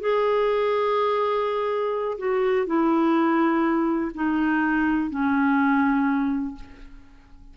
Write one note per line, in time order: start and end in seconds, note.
0.00 2.18 G#4
2.18 2.66 F#4
2.66 4.12 E4
4.14 5.10 D#4
5.10 6.55 C#4